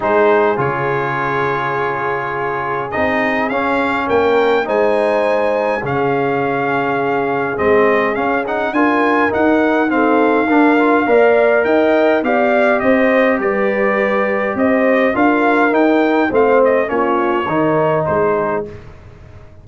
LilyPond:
<<
  \new Staff \with { instrumentName = "trumpet" } { \time 4/4 \tempo 4 = 103 c''4 cis''2.~ | cis''4 dis''4 f''4 g''4 | gis''2 f''2~ | f''4 dis''4 f''8 fis''8 gis''4 |
fis''4 f''2. | g''4 f''4 dis''4 d''4~ | d''4 dis''4 f''4 g''4 | f''8 dis''8 cis''2 c''4 | }
  \new Staff \with { instrumentName = "horn" } { \time 4/4 gis'1~ | gis'2. ais'4 | c''2 gis'2~ | gis'2. ais'4~ |
ais'4 a'4 ais'4 d''4 | dis''4 d''4 c''4 b'4~ | b'4 c''4 ais'2 | c''4 f'4 ais'4 gis'4 | }
  \new Staff \with { instrumentName = "trombone" } { \time 4/4 dis'4 f'2.~ | f'4 dis'4 cis'2 | dis'2 cis'2~ | cis'4 c'4 cis'8 dis'8 f'4 |
dis'4 c'4 d'8 f'8 ais'4~ | ais'4 g'2.~ | g'2 f'4 dis'4 | c'4 cis'4 dis'2 | }
  \new Staff \with { instrumentName = "tuba" } { \time 4/4 gis4 cis2.~ | cis4 c'4 cis'4 ais4 | gis2 cis2~ | cis4 gis4 cis'4 d'4 |
dis'2 d'4 ais4 | dis'4 b4 c'4 g4~ | g4 c'4 d'4 dis'4 | a4 ais4 dis4 gis4 | }
>>